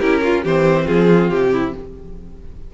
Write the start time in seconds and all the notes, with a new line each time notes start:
0.00 C#4 E4 G4 A#4
0.23 F4
0.44 E3 C4 G4 C5
0.86 F3 F4 G#4
1.30 C3 G4
1.53 E4